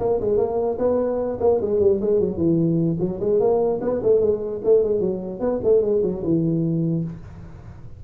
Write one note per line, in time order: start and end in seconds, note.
0.00 0.20 A#3
0.21 0.38 G#3
0.38 0.78 A#3
0.79 1.39 B3
1.41 1.61 A#3
1.62 1.80 G#3
1.80 2.00 G3
2.01 2.20 G#3
2.20 2.38 F#3
2.38 2.98 E3
3.00 3.20 F#3
3.20 3.40 G#3
3.40 3.80 A#3
3.81 4.01 B3
4.03 4.21 A3
4.21 4.61 G#3
4.64 4.84 A3
4.84 5.01 G#3
5.01 5.40 F#3
5.40 5.60 B3
5.64 5.82 A3
5.82 6.02 G#3
6.03 6.23 F#3
6.24 7.04 E3